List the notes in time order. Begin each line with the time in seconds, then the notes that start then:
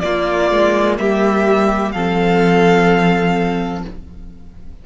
0.00 A#3 F4 D5
0.51 G#3
0.98 G3 G4 E5
1.92 F3 C4 A4 F5